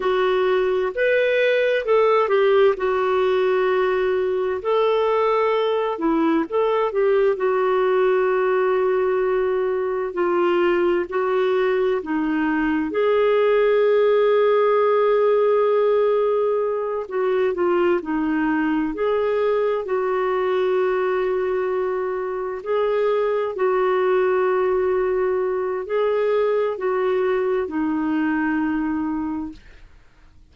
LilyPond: \new Staff \with { instrumentName = "clarinet" } { \time 4/4 \tempo 4 = 65 fis'4 b'4 a'8 g'8 fis'4~ | fis'4 a'4. e'8 a'8 g'8 | fis'2. f'4 | fis'4 dis'4 gis'2~ |
gis'2~ gis'8 fis'8 f'8 dis'8~ | dis'8 gis'4 fis'2~ fis'8~ | fis'8 gis'4 fis'2~ fis'8 | gis'4 fis'4 dis'2 | }